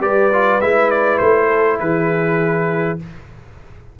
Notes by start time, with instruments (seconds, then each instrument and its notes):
0.00 tuba G3, trombone G4, horn B4, trumpet D5
0.33 trombone F4
0.60 tuba G#3, trombone E4, trumpet E5
0.90 trumpet D5
1.18 tuba A3, trumpet C5
1.47 horn A4
1.79 tuba E3, horn G#4, trumpet B4